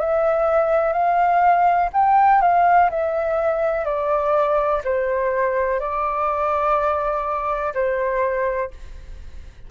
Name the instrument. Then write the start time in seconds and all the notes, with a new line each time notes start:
flute
0.00 E5
0.93 F5
1.93 G5
2.41 F5
2.91 E5
3.85 D5
4.84 C5
5.80 D5
7.74 C5